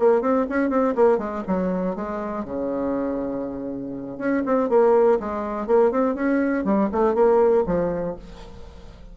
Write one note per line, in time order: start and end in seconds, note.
0.00 0.22 A#3
0.22 0.47 C4
0.50 0.70 C#4
0.70 0.95 C4
0.96 1.19 A#3
1.19 1.43 G#3
1.48 1.96 F#3
1.96 2.45 G#3
2.45 4.18 C#3
4.18 4.43 C#4
4.46 4.70 C4
4.70 5.20 A#3
5.20 5.67 G#3
5.67 5.92 A#3
5.92 6.16 C4
6.16 6.65 C#4
6.65 6.90 G3
6.93 7.15 A3
7.15 7.65 A#3
7.67 8.17 F3